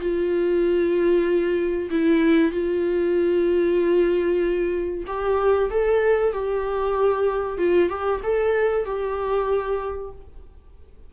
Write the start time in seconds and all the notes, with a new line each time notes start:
0.00 F4
1.90 E4
2.52 F4
5.07 G4
5.70 A4
6.33 G4
7.58 F4
7.89 G4
8.23 A4
8.85 G4